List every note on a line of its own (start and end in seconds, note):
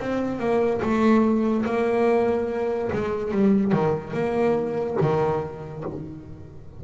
0.00 0.39 C4
0.39 0.81 A#3
0.82 1.65 A3
1.66 2.91 A#3
2.93 3.32 G#3
3.32 3.72 G3
3.72 4.13 D#3
4.13 4.97 A#3
5.01 5.84 D#3